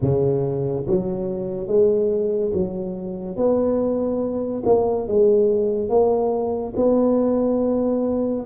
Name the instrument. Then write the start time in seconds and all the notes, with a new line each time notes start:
tuba
0.01 C#3
0.87 F#3
1.67 G#3
2.53 F#3
3.36 B3
4.65 A#3
5.07 G#3
5.89 A#3
6.76 B3